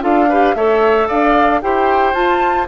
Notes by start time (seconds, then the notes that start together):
0.00 D4 F4 A4 F5
0.28 G4 B4
0.54 A3 A4 C#5 E5
1.07 D4 D5 F5
1.61 E4 G4 C5 G5
2.13 F4 A5